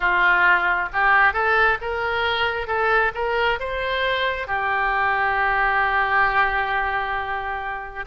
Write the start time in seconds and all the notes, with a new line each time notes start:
0.00 F4
0.92 G4
1.33 A4
1.81 A#4
2.67 A4
3.14 A#4
3.59 C5
4.47 G4